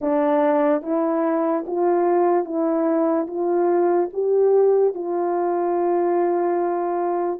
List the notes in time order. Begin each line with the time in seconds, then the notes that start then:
0.01 D4
0.82 E4
1.67 F4
2.44 E4
3.27 F4
4.13 G4
4.94 F4